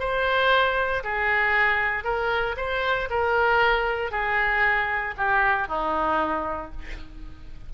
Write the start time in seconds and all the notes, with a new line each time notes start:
0.00 C5
1.04 G#4
2.04 A#4
2.57 C5
3.10 A#4
4.11 G#4
5.17 G4
5.68 D#4